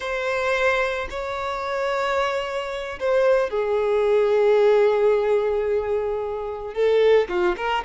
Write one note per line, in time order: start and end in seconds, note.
0.00 1.07 C5
1.10 2.99 C#5
2.99 3.50 C5
3.50 6.74 G#4
6.74 7.28 A4
7.28 7.55 F4
7.57 7.84 A#4